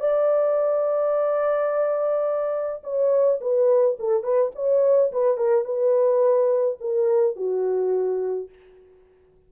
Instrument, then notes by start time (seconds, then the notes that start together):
horn
0.00 D5
2.84 C#5
3.41 B4
3.99 A4
4.23 B4
4.55 C#5
5.12 B4
5.37 A#4
5.65 B4
6.81 A#4
7.36 F#4